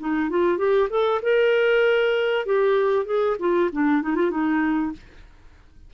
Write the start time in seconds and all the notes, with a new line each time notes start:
0.00 D#4
0.30 F4
0.58 G4
0.90 A4
1.23 A#4
2.46 G4
3.06 G#4
3.40 F4
3.73 D4
4.03 D#4
4.16 F4
4.31 D#4